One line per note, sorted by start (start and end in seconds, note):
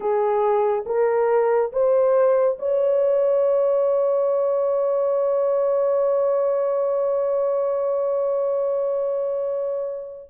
0.00 0.84 G#4
0.86 1.71 A#4
1.72 2.58 C5
2.58 10.30 C#5